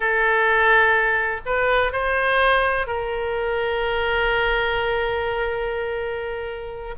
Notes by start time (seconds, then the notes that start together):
0.00 A4
1.45 B4
1.92 C5
2.87 A#4